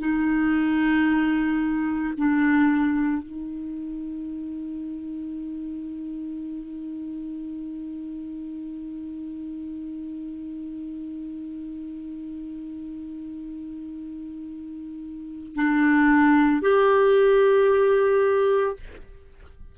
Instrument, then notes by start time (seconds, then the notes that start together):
clarinet
0.00 D#4
2.18 D4
3.23 D#4
15.56 D4
16.62 G4